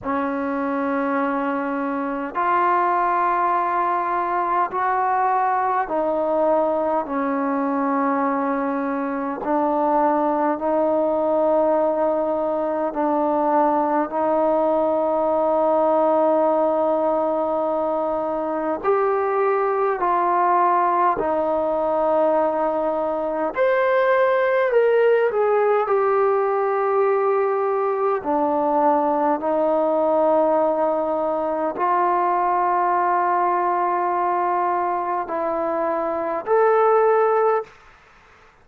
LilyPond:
\new Staff \with { instrumentName = "trombone" } { \time 4/4 \tempo 4 = 51 cis'2 f'2 | fis'4 dis'4 cis'2 | d'4 dis'2 d'4 | dis'1 |
g'4 f'4 dis'2 | c''4 ais'8 gis'8 g'2 | d'4 dis'2 f'4~ | f'2 e'4 a'4 | }